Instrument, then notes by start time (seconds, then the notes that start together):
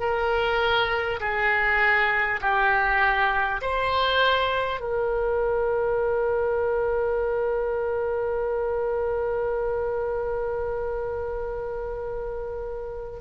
oboe
0.00 A#4
1.21 G#4
2.42 G4
3.62 C5
4.81 A#4